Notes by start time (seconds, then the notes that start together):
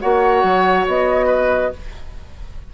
0.00 A#3 F#4 C#5 F#5
0.43 F#3
0.87 B3 D#5
1.26 B4